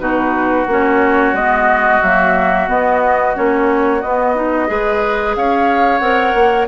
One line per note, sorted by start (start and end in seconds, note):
0.00 0.67 B2
0.00 0.67 D#4
0.00 4.68 F#4
0.00 0.67 B4
0.67 1.33 A#3
0.67 1.36 C#4
0.67 1.36 C#5
1.33 2.00 G#3
1.33 2.03 B3
1.33 2.02 D#5
2.02 2.69 F#3
2.02 2.68 A#3
2.02 2.69 E5
2.68 3.34 B3
2.68 3.35 B3
2.68 3.36 D#5
3.35 4.04 A#3
3.35 4.01 C#4
3.35 4.02 C#5
4.02 4.70 B3
4.02 4.36 B3
4.02 5.35 D#5
4.36 4.68 D#4
4.68 5.36 G#3
4.68 6.01 G#4
4.68 5.36 B4
5.36 6.01 C#4
5.36 6.69 C#5
5.36 5.99 F5
5.99 6.34 C4
5.99 6.68 A#4
5.99 6.66 F#5
6.35 6.68 A#3